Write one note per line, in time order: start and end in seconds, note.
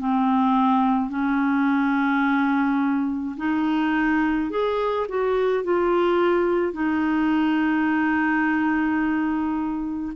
0.00 1.10 C4
1.10 3.37 C#4
3.38 4.51 D#4
4.51 5.07 G#4
5.09 5.64 F#4
5.64 6.74 F4
6.74 10.13 D#4